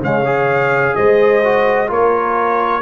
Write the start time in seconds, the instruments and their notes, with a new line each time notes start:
0.00 tuba C#3, trombone G#3, horn C#5, trumpet F5
0.25 trombone G#4
0.95 tuba G#3, horn C5, trumpet D#5
1.44 trombone F#4
1.87 tuba A#3, trombone F4, horn A#4, trumpet C#5